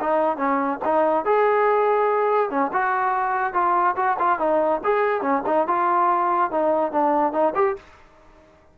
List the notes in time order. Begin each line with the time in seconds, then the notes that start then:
0.00 D#4
0.37 C#4
0.85 D#4
1.25 G#4
2.50 C#4
2.72 F#4
3.53 F4
3.96 F#4
4.19 F4
4.39 D#4
4.83 G#4
5.21 C#4
5.46 D#4
5.67 F4
6.51 D#4
6.92 D4
7.32 D#4
7.55 G4